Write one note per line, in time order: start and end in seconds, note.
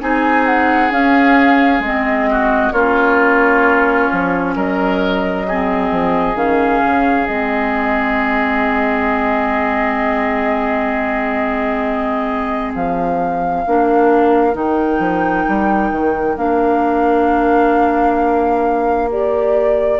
0.00 0.90 C4
0.00 0.90 D#4
0.00 2.29 G#4
0.00 0.46 G#5
0.46 0.91 F#5
0.90 1.81 C#4
0.90 1.79 C#4
0.90 1.83 F5
1.79 2.70 G#3
1.79 2.73 C4
1.79 2.72 D#5
2.30 2.72 F#4
2.72 4.08 A#3
2.72 5.46 C#4
2.72 4.54 F4
2.72 4.54 C#5
4.12 4.56 F3
4.55 5.91 F#3
4.55 5.46 A#4
4.55 6.36 D#5
5.47 6.35 C4
5.47 13.65 G#4
5.91 6.34 F3
6.34 6.80 D#3
6.34 7.26 C#4
6.34 7.27 F5
6.85 7.28 C#3
7.27 12.73 G#3
7.27 13.65 C4
7.27 12.72 D#5
12.74 13.65 F3
12.74 14.56 F5
13.65 14.54 A#3
13.65 14.52 D4
13.65 20.00 A#4
14.52 14.99 D#3
14.52 16.34 D#4
14.52 16.37 G5
14.99 15.44 F3
15.48 15.91 G3
15.91 16.36 D#3
16.37 20.00 A#3
16.37 19.09 D4
16.37 19.10 F5
19.09 20.00 G4
19.09 20.00 D5